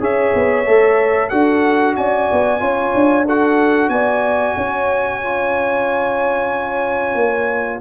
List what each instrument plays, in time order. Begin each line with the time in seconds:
0.00 tuba C#4, trombone G#4, horn C#5, trumpet E5
0.35 tuba B3
0.66 tuba A3, trombone A4
1.29 tuba D4, trombone F#4, horn A4, trumpet F#5
1.96 tuba C#4, horn D5, trumpet G#5
2.32 tuba B3
2.60 tuba C#4, trombone F4, horn C#5
2.95 tuba D4
3.26 trombone F#4, horn A4, trumpet F#5
3.89 tuba B3, horn D5, trumpet G#5
4.57 tuba C#4, horn C#5
5.23 trombone F4
7.15 tuba A#3